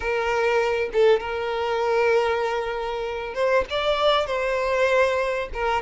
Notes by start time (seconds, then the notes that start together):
0.00 A#4
0.92 A4
1.20 A#4
3.34 C5
3.70 D5
4.26 C5
5.53 A#4